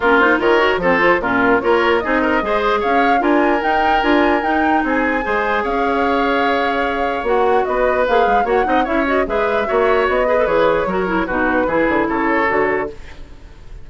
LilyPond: <<
  \new Staff \with { instrumentName = "flute" } { \time 4/4 \tempo 4 = 149 ais'8 c''8 cis''4 c''4 ais'4 | cis''4 dis''2 f''4 | gis''4 g''4 gis''4 g''4 | gis''2 f''2~ |
f''2 fis''4 dis''4 | f''4 fis''4 e''8 dis''8 e''4~ | e''4 dis''4 cis''2 | b'2 cis''2 | }
  \new Staff \with { instrumentName = "oboe" } { \time 4/4 f'4 ais'4 a'4 f'4 | ais'4 gis'8 ais'8 c''4 cis''4 | ais'1 | gis'4 c''4 cis''2~ |
cis''2. b'4~ | b'4 cis''8 dis''8 cis''4 b'4 | cis''4. b'4. ais'4 | fis'4 gis'4 a'2 | }
  \new Staff \with { instrumentName = "clarinet" } { \time 4/4 cis'8 dis'8 f'8 fis'8 c'8 f'8 cis'4 | f'4 dis'4 gis'2 | f'4 dis'4 f'4 dis'4~ | dis'4 gis'2.~ |
gis'2 fis'2 | gis'4 fis'8 dis'8 e'8 fis'8 gis'4 | fis'4. gis'16 a'16 gis'4 fis'8 e'8 | dis'4 e'2 fis'4 | }
  \new Staff \with { instrumentName = "bassoon" } { \time 4/4 ais4 dis4 f4 ais,4 | ais4 c'4 gis4 cis'4 | d'4 dis'4 d'4 dis'4 | c'4 gis4 cis'2~ |
cis'2 ais4 b4 | ais8 gis8 ais8 c'8 cis'4 gis4 | ais4 b4 e4 fis4 | b,4 e8 d8 cis4 d4 | }
>>